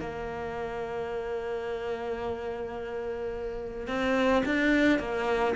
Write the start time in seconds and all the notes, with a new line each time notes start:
0.00 A#3
3.87 C4
4.45 D4
4.99 A#3